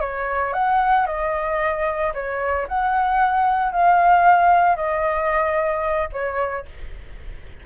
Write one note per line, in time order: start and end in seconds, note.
0.00 0.53 C#5
0.53 1.06 F#5
1.06 2.12 D#5
2.14 2.67 C#5
2.68 3.71 F#5
3.71 4.76 F5
4.76 6.08 D#5
6.12 6.65 C#5